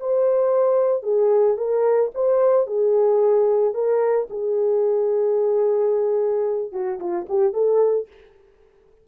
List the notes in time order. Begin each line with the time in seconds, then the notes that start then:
0.00 C5
1.03 G#4
1.57 A#4
2.14 C5
2.67 G#4
3.74 A#4
4.30 G#4
6.72 F#4
7.00 F4
7.29 G4
7.53 A4